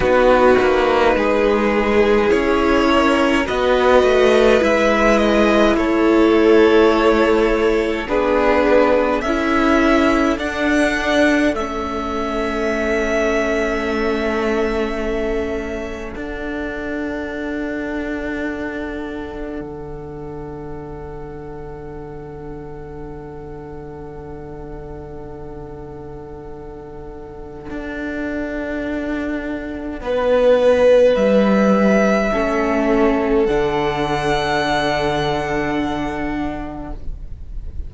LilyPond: <<
  \new Staff \with { instrumentName = "violin" } { \time 4/4 \tempo 4 = 52 b'2 cis''4 dis''4 | e''8 dis''8 cis''2 b'4 | e''4 fis''4 e''2~ | e''2 fis''2~ |
fis''1~ | fis''1~ | fis''2. e''4~ | e''4 fis''2. | }
  \new Staff \with { instrumentName = "violin" } { \time 4/4 fis'4 gis'4. ais'8 b'4~ | b'4 a'2 gis'4 | a'1~ | a'1~ |
a'1~ | a'1~ | a'2 b'2 | a'1 | }
  \new Staff \with { instrumentName = "viola" } { \time 4/4 dis'2 e'4 fis'4 | e'2. d'4 | e'4 d'4 cis'2~ | cis'2 d'2~ |
d'1~ | d'1~ | d'1 | cis'4 d'2. | }
  \new Staff \with { instrumentName = "cello" } { \time 4/4 b8 ais8 gis4 cis'4 b8 a8 | gis4 a2 b4 | cis'4 d'4 a2~ | a2 d'2~ |
d'4 d2.~ | d1 | d'2 b4 g4 | a4 d2. | }
>>